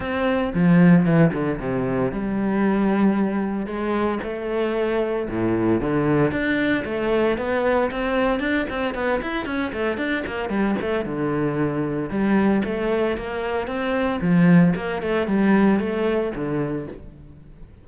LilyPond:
\new Staff \with { instrumentName = "cello" } { \time 4/4 \tempo 4 = 114 c'4 f4 e8 d8 c4 | g2. gis4 | a2 a,4 d4 | d'4 a4 b4 c'4 |
d'8 c'8 b8 e'8 cis'8 a8 d'8 ais8 | g8 a8 d2 g4 | a4 ais4 c'4 f4 | ais8 a8 g4 a4 d4 | }